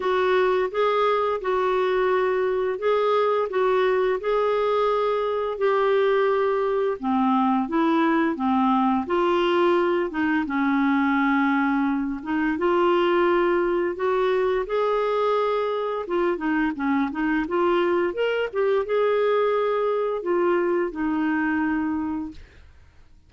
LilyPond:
\new Staff \with { instrumentName = "clarinet" } { \time 4/4 \tempo 4 = 86 fis'4 gis'4 fis'2 | gis'4 fis'4 gis'2 | g'2 c'4 e'4 | c'4 f'4. dis'8 cis'4~ |
cis'4. dis'8 f'2 | fis'4 gis'2 f'8 dis'8 | cis'8 dis'8 f'4 ais'8 g'8 gis'4~ | gis'4 f'4 dis'2 | }